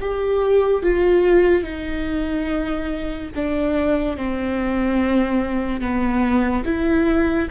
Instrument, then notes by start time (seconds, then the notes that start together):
viola
0.00 G4
0.83 F4
1.63 D#4
3.35 D4
4.16 C4
5.80 B3
6.65 E4